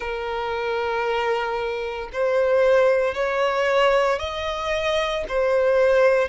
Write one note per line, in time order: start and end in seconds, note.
0.00 2.09 A#4
2.12 3.14 C5
3.14 4.19 C#5
4.19 5.24 D#5
5.28 6.28 C5